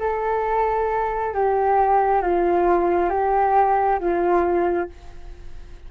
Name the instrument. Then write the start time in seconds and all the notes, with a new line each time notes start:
flute
0.00 A4
1.34 G4
2.22 F4
3.10 G4
4.00 F4